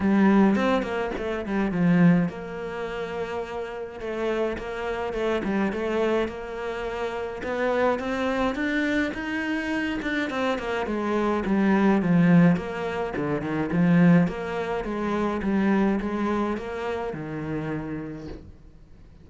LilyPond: \new Staff \with { instrumentName = "cello" } { \time 4/4 \tempo 4 = 105 g4 c'8 ais8 a8 g8 f4 | ais2. a4 | ais4 a8 g8 a4 ais4~ | ais4 b4 c'4 d'4 |
dis'4. d'8 c'8 ais8 gis4 | g4 f4 ais4 d8 dis8 | f4 ais4 gis4 g4 | gis4 ais4 dis2 | }